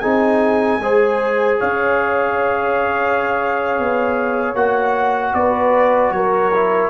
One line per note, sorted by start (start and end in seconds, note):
0.00 0.78 C4
0.00 0.81 D#4
0.00 0.80 G#4
0.00 1.58 G#5
0.78 1.57 G#3
0.78 4.56 G#4
0.78 1.60 C5
1.60 3.79 C#4
1.60 5.35 C#5
1.60 4.56 F5
3.79 4.54 B3
4.54 5.33 A#3
4.54 6.53 F#4
4.54 5.34 F#5
5.34 6.11 B3
5.34 6.16 B4
5.34 6.12 D5
6.11 6.90 F#3
6.11 6.90 A#4
6.11 6.90 C#5
6.54 6.90 E4